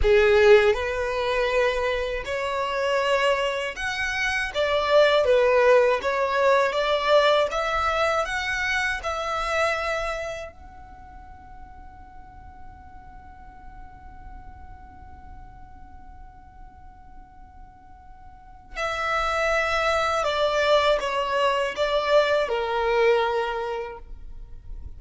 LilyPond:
\new Staff \with { instrumentName = "violin" } { \time 4/4 \tempo 4 = 80 gis'4 b'2 cis''4~ | cis''4 fis''4 d''4 b'4 | cis''4 d''4 e''4 fis''4 | e''2 fis''2~ |
fis''1~ | fis''1~ | fis''4 e''2 d''4 | cis''4 d''4 ais'2 | }